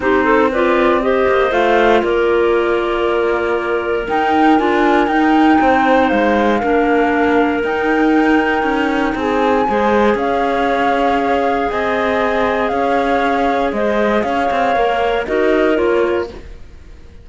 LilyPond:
<<
  \new Staff \with { instrumentName = "flute" } { \time 4/4 \tempo 4 = 118 c''4 d''4 dis''4 f''4 | d''1 | g''4 gis''4 g''2 | f''2. g''4~ |
g''2 gis''2 | f''2. gis''4~ | gis''4 f''2 dis''4 | f''2 dis''4 cis''4 | }
  \new Staff \with { instrumentName = "clarinet" } { \time 4/4 g'8 a'8 b'4 c''2 | ais'1~ | ais'2. c''4~ | c''4 ais'2.~ |
ais'2 gis'4 c''4 | cis''2. dis''4~ | dis''4 cis''2 c''4 | cis''2 ais'2 | }
  \new Staff \with { instrumentName = "clarinet" } { \time 4/4 dis'4 f'4 g'4 f'4~ | f'1 | dis'4 f'4 dis'2~ | dis'4 d'2 dis'4~ |
dis'2. gis'4~ | gis'1~ | gis'1~ | gis'4 ais'4 fis'4 f'4 | }
  \new Staff \with { instrumentName = "cello" } { \time 4/4 c'2~ c'8 ais8 a4 | ais1 | dis'4 d'4 dis'4 c'4 | gis4 ais2 dis'4~ |
dis'4 cis'4 c'4 gis4 | cis'2. c'4~ | c'4 cis'2 gis4 | cis'8 c'8 ais4 dis'4 ais4 | }
>>